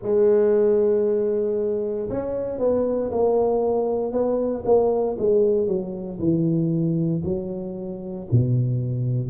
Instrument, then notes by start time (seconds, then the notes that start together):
tuba
0.02 G#3
2.09 C#4
2.58 B3
3.11 A#3
4.11 B3
4.65 A#3
5.18 G#3
5.67 F#3
6.19 E3
7.24 F#3
8.31 B2